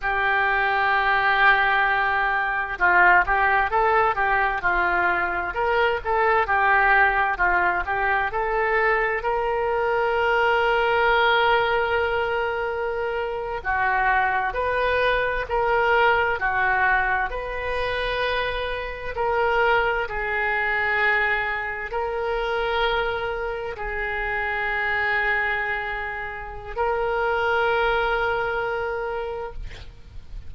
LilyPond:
\new Staff \with { instrumentName = "oboe" } { \time 4/4 \tempo 4 = 65 g'2. f'8 g'8 | a'8 g'8 f'4 ais'8 a'8 g'4 | f'8 g'8 a'4 ais'2~ | ais'2~ ais'8. fis'4 b'16~ |
b'8. ais'4 fis'4 b'4~ b'16~ | b'8. ais'4 gis'2 ais'16~ | ais'4.~ ais'16 gis'2~ gis'16~ | gis'4 ais'2. | }